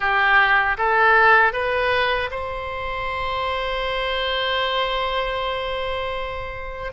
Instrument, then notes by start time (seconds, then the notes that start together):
oboe
0.00 G4
0.77 A4
1.52 B4
2.30 C5